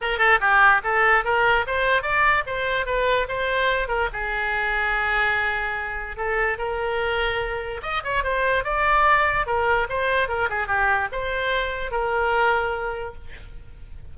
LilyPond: \new Staff \with { instrumentName = "oboe" } { \time 4/4 \tempo 4 = 146 ais'8 a'8 g'4 a'4 ais'4 | c''4 d''4 c''4 b'4 | c''4. ais'8 gis'2~ | gis'2. a'4 |
ais'2. dis''8 cis''8 | c''4 d''2 ais'4 | c''4 ais'8 gis'8 g'4 c''4~ | c''4 ais'2. | }